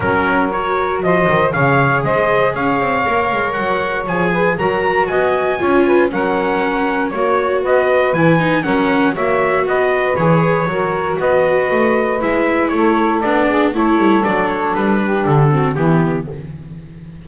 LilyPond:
<<
  \new Staff \with { instrumentName = "trumpet" } { \time 4/4 \tempo 4 = 118 ais'4 cis''4 dis''4 f''4 | dis''4 f''2 fis''4 | gis''4 ais''4 gis''2 | fis''2 cis''4 dis''4 |
gis''4 fis''4 e''4 dis''4 | cis''2 dis''2 | e''4 cis''4 d''4 cis''4 | d''8 cis''8 b'4 a'4 g'4 | }
  \new Staff \with { instrumentName = "saxophone" } { \time 4/4 ais'2 c''4 cis''4 | c''4 cis''2.~ | cis''8 b'8 ais'4 dis''4 cis''8 b'8 | ais'2 cis''4 b'4~ |
b'4 ais'4 cis''4 b'4~ | b'4 ais'4 b'2~ | b'4 a'4. gis'8 a'4~ | a'4. g'4 fis'8 e'4 | }
  \new Staff \with { instrumentName = "viola" } { \time 4/4 cis'4 fis'2 gis'4~ | gis'2 ais'2 | gis'4 fis'2 f'4 | cis'2 fis'2 |
e'8 dis'8 cis'4 fis'2 | gis'4 fis'2. | e'2 d'4 e'4 | d'2~ d'8 c'8 b4 | }
  \new Staff \with { instrumentName = "double bass" } { \time 4/4 fis2 f8 dis8 cis4 | gis4 cis'8 c'8 ais8 gis8 fis4 | f4 fis4 b4 cis'4 | fis2 ais4 b4 |
e4 fis4 ais4 b4 | e4 fis4 b4 a4 | gis4 a4 b4 a8 g8 | fis4 g4 d4 e4 | }
>>